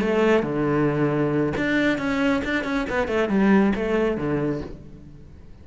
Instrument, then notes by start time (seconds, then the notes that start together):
cello
0.00 A3
0.43 D3
1.56 D4
1.98 C#4
2.44 D4
2.64 C#4
2.89 B3
3.07 A3
3.28 G3
3.75 A3
4.17 D3